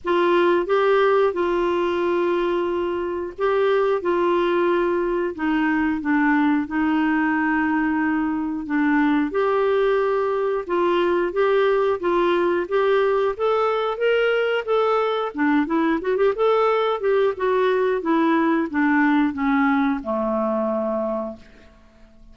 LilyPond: \new Staff \with { instrumentName = "clarinet" } { \time 4/4 \tempo 4 = 90 f'4 g'4 f'2~ | f'4 g'4 f'2 | dis'4 d'4 dis'2~ | dis'4 d'4 g'2 |
f'4 g'4 f'4 g'4 | a'4 ais'4 a'4 d'8 e'8 | fis'16 g'16 a'4 g'8 fis'4 e'4 | d'4 cis'4 a2 | }